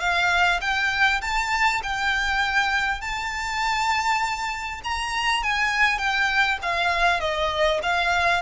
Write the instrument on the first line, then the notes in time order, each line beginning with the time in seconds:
violin
0.00 F5
0.61 G5
1.21 A5
1.83 G5
3.01 A5
4.84 A#5
5.43 G#5
5.98 G5
6.62 F5
7.20 D#5
7.82 F5